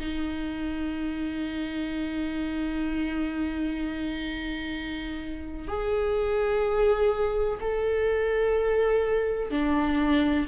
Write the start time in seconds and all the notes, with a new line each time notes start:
0.00 D#4
5.68 G#4
7.61 A4
9.51 D4